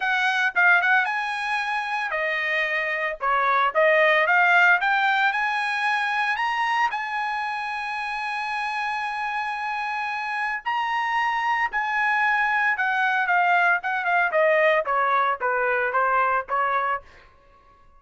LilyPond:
\new Staff \with { instrumentName = "trumpet" } { \time 4/4 \tempo 4 = 113 fis''4 f''8 fis''8 gis''2 | dis''2 cis''4 dis''4 | f''4 g''4 gis''2 | ais''4 gis''2.~ |
gis''1 | ais''2 gis''2 | fis''4 f''4 fis''8 f''8 dis''4 | cis''4 b'4 c''4 cis''4 | }